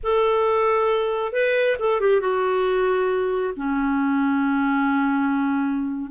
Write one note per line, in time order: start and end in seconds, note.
0.03 1.32 A4
1.32 1.76 B4
1.79 2.00 A4
2.00 2.20 G4
2.20 3.54 F#4
3.56 6.11 C#4